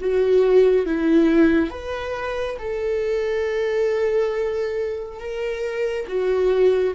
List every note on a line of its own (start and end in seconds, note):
0.00 0.86 F#4
0.86 1.70 E4
1.70 2.57 B4
2.58 5.19 A4
5.19 6.06 A#4
6.08 6.94 F#4